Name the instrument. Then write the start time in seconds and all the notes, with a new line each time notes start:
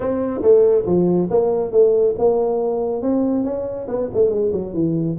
tuba
0.00 C4
0.42 A3
0.86 F3
1.30 A#3
1.71 A3
2.18 A#3
3.01 C4
3.44 C#4
3.88 B3
4.13 A3
4.29 G#3
4.52 F#3
4.73 E3